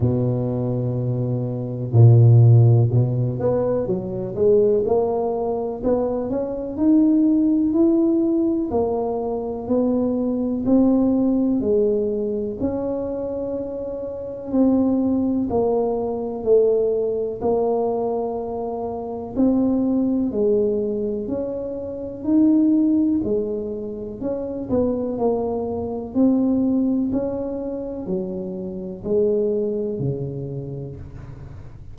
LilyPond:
\new Staff \with { instrumentName = "tuba" } { \time 4/4 \tempo 4 = 62 b,2 ais,4 b,8 b8 | fis8 gis8 ais4 b8 cis'8 dis'4 | e'4 ais4 b4 c'4 | gis4 cis'2 c'4 |
ais4 a4 ais2 | c'4 gis4 cis'4 dis'4 | gis4 cis'8 b8 ais4 c'4 | cis'4 fis4 gis4 cis4 | }